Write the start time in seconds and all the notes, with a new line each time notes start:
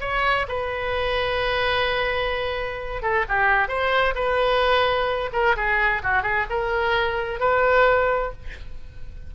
0.00 C#5
0.48 B4
3.02 A4
3.28 G4
3.68 C5
4.15 B4
5.32 A#4
5.56 G#4
6.03 F#4
6.22 G#4
6.50 A#4
7.40 B4